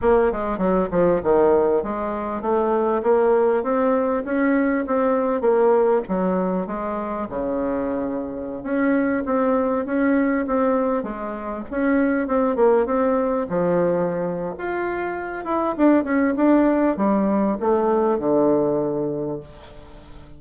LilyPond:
\new Staff \with { instrumentName = "bassoon" } { \time 4/4 \tempo 4 = 99 ais8 gis8 fis8 f8 dis4 gis4 | a4 ais4 c'4 cis'4 | c'4 ais4 fis4 gis4 | cis2~ cis16 cis'4 c'8.~ |
c'16 cis'4 c'4 gis4 cis'8.~ | cis'16 c'8 ais8 c'4 f4.~ f16 | f'4. e'8 d'8 cis'8 d'4 | g4 a4 d2 | }